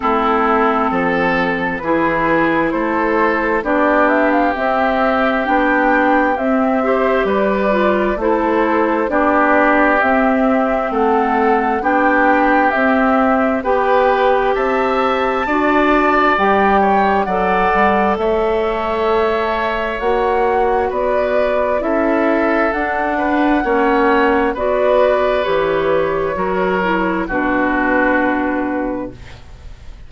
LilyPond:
<<
  \new Staff \with { instrumentName = "flute" } { \time 4/4 \tempo 4 = 66 a'2 b'4 c''4 | d''8 e''16 f''16 e''4 g''4 e''4 | d''4 c''4 d''4 e''4 | fis''4 g''4 e''4 g''4 |
a''2 g''4 fis''4 | e''2 fis''4 d''4 | e''4 fis''2 d''4 | cis''2 b'2 | }
  \new Staff \with { instrumentName = "oboe" } { \time 4/4 e'4 a'4 gis'4 a'4 | g'2.~ g'8 c''8 | b'4 a'4 g'2 | a'4 g'2 b'4 |
e''4 d''4. cis''8 d''4 | cis''2. b'4 | a'4. b'8 cis''4 b'4~ | b'4 ais'4 fis'2 | }
  \new Staff \with { instrumentName = "clarinet" } { \time 4/4 c'2 e'2 | d'4 c'4 d'4 c'8 g'8~ | g'8 f'8 e'4 d'4 c'4~ | c'4 d'4 c'4 g'4~ |
g'4 fis'4 g'4 a'4~ | a'2 fis'2 | e'4 d'4 cis'4 fis'4 | g'4 fis'8 e'8 d'2 | }
  \new Staff \with { instrumentName = "bassoon" } { \time 4/4 a4 f4 e4 a4 | b4 c'4 b4 c'4 | g4 a4 b4 c'4 | a4 b4 c'4 b4 |
c'4 d'4 g4 fis8 g8 | a2 ais4 b4 | cis'4 d'4 ais4 b4 | e4 fis4 b,2 | }
>>